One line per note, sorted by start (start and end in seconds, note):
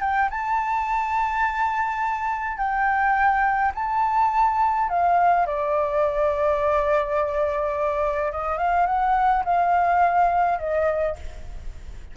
0.00 0.29 G5
0.30 2.57 A5
2.57 3.71 G5
3.75 4.89 A5
4.89 5.46 F5
5.46 8.32 D5
8.32 8.58 D#5
8.58 8.86 F5
8.86 9.43 F#5
9.45 10.58 F5
10.58 11.16 D#5